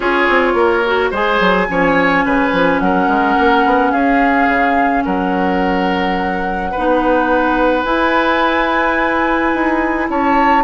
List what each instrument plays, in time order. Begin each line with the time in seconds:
0.00 bassoon C#4, clarinet F4, oboe G#4, flute C#5
0.29 bassoon C4
0.54 bassoon A#3, oboe A#4
0.85 clarinet F#4
1.10 bassoon G#3, clarinet G#4, oboe C5, flute G#5
1.40 bassoon F#3
1.68 bassoon F3, clarinet C#4, oboe C#5
2.25 bassoon C#3, oboe B4
2.52 bassoon F3
2.79 bassoon F#3, oboe A#4, flute F#5
3.07 bassoon G#3
3.38 bassoon A#3
3.65 bassoon B3
3.91 bassoon C#4, oboe G#4, flute F5
4.48 bassoon C#3
5.04 bassoon F#3, oboe A#4, flute F#5
6.71 clarinet D#4, oboe B4
6.77 bassoon B3
7.83 clarinet E4, bassoon E4, flute G#5
9.54 bassoon D#4
10.09 bassoon C#4, oboe C#5, flute A5